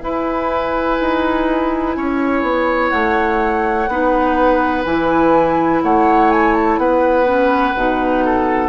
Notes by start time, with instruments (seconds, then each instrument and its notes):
0.00 clarinet E4, bassoon E4, oboe B4, flute G#5
1.00 bassoon D#4
1.97 bassoon C#4, oboe C#5
2.43 bassoon B3
2.90 bassoon A3, flute F#5
3.88 bassoon B3, clarinet D#4, oboe B4
4.85 bassoon E3, clarinet E4, flute G#5
5.83 bassoon A3, oboe C#5, flute F#5
6.31 flute G#5
6.55 flute A5
6.78 bassoon B3, oboe B4, flute F#5
7.26 clarinet C#4
7.75 bassoon B2, clarinet D#4
8.25 oboe A4